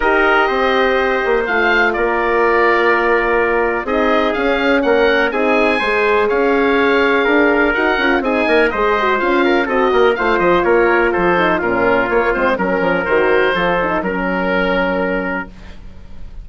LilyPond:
<<
  \new Staff \with { instrumentName = "oboe" } { \time 4/4 \tempo 4 = 124 dis''2. f''4 | d''1 | dis''4 f''4 fis''4 gis''4~ | gis''4 f''2. |
fis''4 gis''4 dis''4 f''4 | dis''4 f''8 dis''8 cis''4 c''4 | ais'4 cis''8 c''8 ais'4 c''4~ | c''4 ais'2. | }
  \new Staff \with { instrumentName = "trumpet" } { \time 4/4 ais'4 c''2. | ais'1 | gis'2 ais'4 gis'4 | c''4 cis''2 ais'4~ |
ais'4 gis'8 ais'8 c''4. ais'8 | a'8 ais'8 c''4 ais'4 a'4 | f'2 ais'2 | a'4 ais'2. | }
  \new Staff \with { instrumentName = "horn" } { \time 4/4 g'2. f'4~ | f'1 | dis'4 cis'2 dis'4 | gis'1 |
fis'8 f'8 dis'4 gis'8 fis'8 f'4 | fis'4 f'2~ f'8 dis'8 | cis'4 ais8 c'8 cis'4 fis'4 | f'8 dis'8 cis'2. | }
  \new Staff \with { instrumentName = "bassoon" } { \time 4/4 dis'4 c'4. ais8 a4 | ais1 | c'4 cis'4 ais4 c'4 | gis4 cis'2 d'4 |
dis'8 cis'8 c'8 ais8 gis4 cis'4 | c'8 ais8 a8 f8 ais4 f4 | ais,4 ais8 gis8 fis8 f8 dis4 | f4 fis2. | }
>>